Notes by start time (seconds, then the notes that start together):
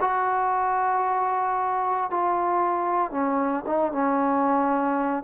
0.00 F#4
2.10 F4
3.11 C#4
3.66 D#4
3.92 C#4